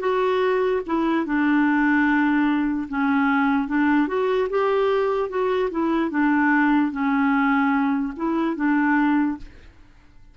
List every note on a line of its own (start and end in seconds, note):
0.00 0.81 F#4
0.86 1.26 E4
1.26 2.88 D4
2.89 3.68 C#4
3.68 4.08 D4
4.08 4.49 F#4
4.50 5.29 G4
5.29 5.70 F#4
5.71 6.11 E4
6.11 6.92 D4
6.92 8.13 C#4
8.16 8.56 E4
8.56 9.37 D4